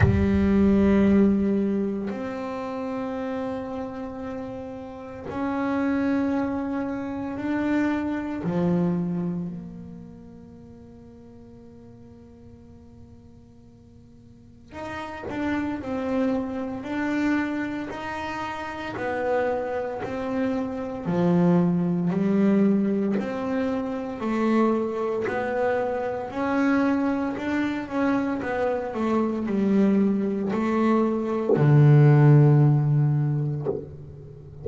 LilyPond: \new Staff \with { instrumentName = "double bass" } { \time 4/4 \tempo 4 = 57 g2 c'2~ | c'4 cis'2 d'4 | f4 ais2.~ | ais2 dis'8 d'8 c'4 |
d'4 dis'4 b4 c'4 | f4 g4 c'4 a4 | b4 cis'4 d'8 cis'8 b8 a8 | g4 a4 d2 | }